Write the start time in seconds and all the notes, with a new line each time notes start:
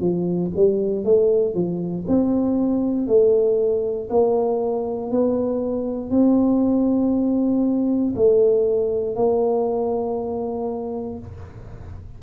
0.00 F3
0.55 G3
1.04 A3
1.54 F3
2.08 C4
3.07 A3
4.10 A#3
5.11 B3
6.10 C4
8.15 A3
9.15 A#3